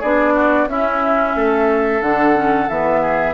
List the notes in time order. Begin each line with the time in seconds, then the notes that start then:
0.00 B3 D4 G#4 D5
0.35 F#4
0.67 C#4 E4 E5
1.36 A3 A4
2.01 D3 D4 F#5
2.34 C#4
2.69 E3 B3 E5
3.02 G#4